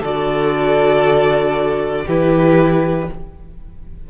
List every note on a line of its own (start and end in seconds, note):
0.00 2.04 D3
0.00 2.07 F#4
0.00 2.03 A4
0.00 2.08 D5
2.06 3.09 E3
2.06 3.09 E4
2.06 3.08 G4
2.06 3.10 B4